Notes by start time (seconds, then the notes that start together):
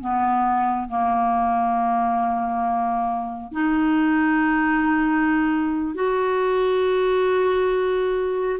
0.00 B3
0.88 A#3
3.52 D#4
5.94 F#4